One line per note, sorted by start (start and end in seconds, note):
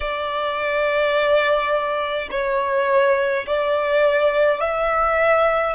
0.00 2.28 D5
2.30 3.46 C#5
3.46 4.60 D5
4.60 5.75 E5